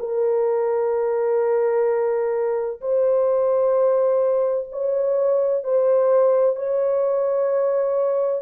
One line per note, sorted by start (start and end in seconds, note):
0.00 2.81 A#4
2.82 4.69 C5
4.73 5.64 C#5
5.64 6.56 C5
6.56 8.42 C#5